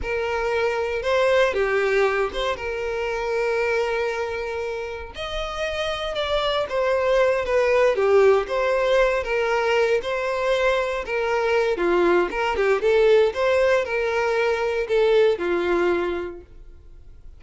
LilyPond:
\new Staff \with { instrumentName = "violin" } { \time 4/4 \tempo 4 = 117 ais'2 c''4 g'4~ | g'8 c''8 ais'2.~ | ais'2 dis''2 | d''4 c''4. b'4 g'8~ |
g'8 c''4. ais'4. c''8~ | c''4. ais'4. f'4 | ais'8 g'8 a'4 c''4 ais'4~ | ais'4 a'4 f'2 | }